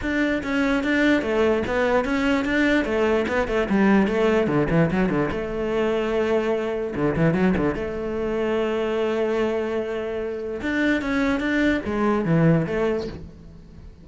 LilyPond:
\new Staff \with { instrumentName = "cello" } { \time 4/4 \tempo 4 = 147 d'4 cis'4 d'4 a4 | b4 cis'4 d'4 a4 | b8 a8 g4 a4 d8 e8 | fis8 d8 a2.~ |
a4 d8 e8 fis8 d8 a4~ | a1~ | a2 d'4 cis'4 | d'4 gis4 e4 a4 | }